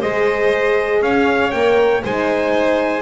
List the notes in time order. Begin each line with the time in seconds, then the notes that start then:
0.00 G#3 G#4 C5 D#5
1.01 C#4 C#5 F5
1.51 A#3 A#4 G5
2.03 G#3 D#4 C5 G#5